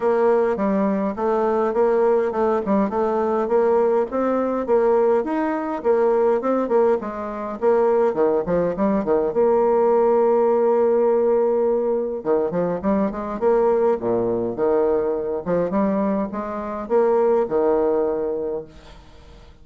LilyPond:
\new Staff \with { instrumentName = "bassoon" } { \time 4/4 \tempo 4 = 103 ais4 g4 a4 ais4 | a8 g8 a4 ais4 c'4 | ais4 dis'4 ais4 c'8 ais8 | gis4 ais4 dis8 f8 g8 dis8 |
ais1~ | ais4 dis8 f8 g8 gis8 ais4 | ais,4 dis4. f8 g4 | gis4 ais4 dis2 | }